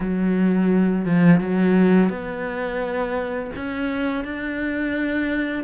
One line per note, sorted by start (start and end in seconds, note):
0.00 1.05 F#3
1.05 1.40 F3
1.40 2.09 F#3
2.09 3.50 B3
3.56 4.24 C#4
4.24 5.63 D4